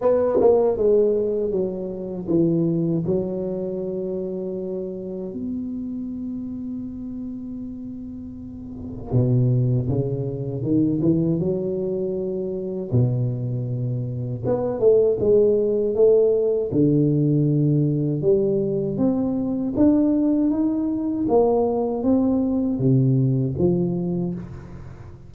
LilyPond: \new Staff \with { instrumentName = "tuba" } { \time 4/4 \tempo 4 = 79 b8 ais8 gis4 fis4 e4 | fis2. b4~ | b1 | b,4 cis4 dis8 e8 fis4~ |
fis4 b,2 b8 a8 | gis4 a4 d2 | g4 c'4 d'4 dis'4 | ais4 c'4 c4 f4 | }